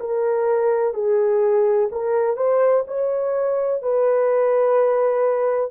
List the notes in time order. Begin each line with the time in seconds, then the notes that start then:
0.00 A#4
0.94 G#4
1.92 A#4
2.37 C5
2.87 C#5
3.82 B4